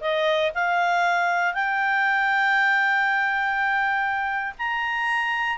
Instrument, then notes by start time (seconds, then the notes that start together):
clarinet
0.00 D#5
0.54 F5
1.53 G5
4.58 A#5